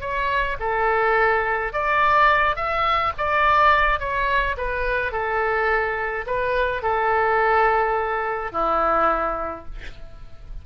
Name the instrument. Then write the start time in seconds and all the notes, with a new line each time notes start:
oboe
0.00 C#5
0.59 A4
1.72 D5
2.55 E5
3.17 D5
3.99 C#5
4.57 B4
5.11 A4
6.26 B4
6.82 A4
8.52 E4